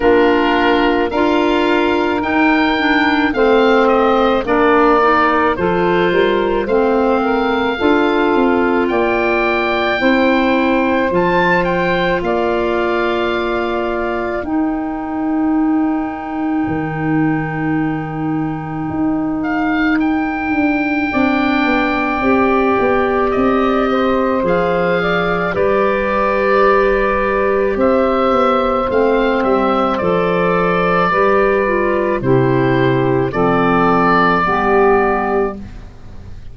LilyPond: <<
  \new Staff \with { instrumentName = "oboe" } { \time 4/4 \tempo 4 = 54 ais'4 f''4 g''4 f''8 dis''8 | d''4 c''4 f''2 | g''2 a''8 g''8 f''4~ | f''4 g''2.~ |
g''4. f''8 g''2~ | g''4 dis''4 f''4 d''4~ | d''4 e''4 f''8 e''8 d''4~ | d''4 c''4 d''2 | }
  \new Staff \with { instrumentName = "saxophone" } { \time 4/4 f'4 ais'2 c''4 | ais'4 a'8 ais'8 c''8 ais'8 a'4 | d''4 c''2 d''4~ | d''4 ais'2.~ |
ais'2. d''4~ | d''4. c''4 d''8 b'4~ | b'4 c''2. | b'4 g'4 a'4 g'4 | }
  \new Staff \with { instrumentName = "clarinet" } { \time 4/4 d'4 f'4 dis'8 d'8 c'4 | d'8 dis'8 f'4 c'4 f'4~ | f'4 e'4 f'2~ | f'4 dis'2.~ |
dis'2. d'4 | g'2 gis'4 g'4~ | g'2 c'4 a'4 | g'8 f'8 e'4 c'4 b4 | }
  \new Staff \with { instrumentName = "tuba" } { \time 4/4 ais4 d'4 dis'4 a4 | ais4 f8 g8 a4 d'8 c'8 | ais4 c'4 f4 ais4~ | ais4 dis'2 dis4~ |
dis4 dis'4. d'8 c'8 b8 | c'8 b8 c'4 f4 g4~ | g4 c'8 b8 a8 g8 f4 | g4 c4 f4 g4 | }
>>